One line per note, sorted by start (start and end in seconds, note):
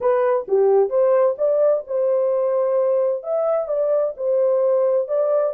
0.00 0.46 B4
0.48 0.89 G4
0.89 1.35 C5
1.37 1.84 D5
1.87 3.23 C5
3.23 3.68 E5
3.68 4.14 D5
4.16 5.08 C5
5.08 5.53 D5